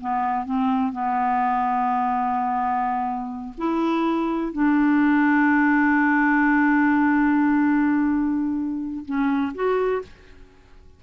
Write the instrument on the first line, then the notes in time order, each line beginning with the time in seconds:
clarinet
0.00 B3
0.45 C4
0.92 B3
3.57 E4
4.52 D4
9.05 C#4
9.54 F#4